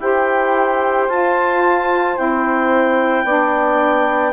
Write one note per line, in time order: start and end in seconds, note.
0.00 1.08 E4
0.00 1.10 G4
0.00 3.25 C5
0.00 1.09 G5
1.08 2.17 F4
1.08 2.16 F4
1.08 2.17 A5
2.16 3.24 C4
2.16 3.25 E4
2.16 4.33 G5
3.24 4.33 B3
3.24 4.33 D4
3.24 4.33 D5